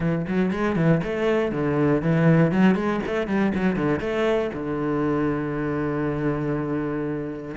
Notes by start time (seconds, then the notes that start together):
0.00 E3
0.27 F#3
0.51 G#3
0.75 E3
1.03 A3
1.51 D3
2.01 E3
2.51 F#3
2.75 G#3
3.06 A3
3.27 G3
3.54 F#3
3.75 D3
4.00 A3
4.53 D3